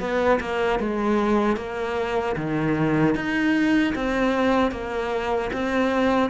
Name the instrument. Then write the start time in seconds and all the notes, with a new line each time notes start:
cello
0.00 B3
0.40 A#3
0.80 G#3
1.57 A#3
2.36 D#3
3.15 D#4
3.95 C4
4.72 A#3
5.53 C4